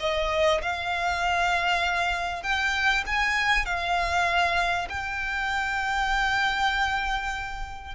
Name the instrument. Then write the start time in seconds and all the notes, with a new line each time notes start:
violin
0.00 D#5
0.62 F5
2.43 G5
3.06 G#5
3.65 F5
4.89 G5